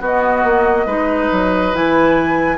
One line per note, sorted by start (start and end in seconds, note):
0.00 0.43 B3
0.00 0.87 B3
0.00 0.86 F#4
0.00 1.76 D#5
0.44 0.86 A#3
0.86 1.29 G#3
0.86 1.73 D#4
0.86 2.57 B4
1.32 1.74 F#3
1.73 2.57 E3
1.73 2.57 E4
1.73 2.57 G#5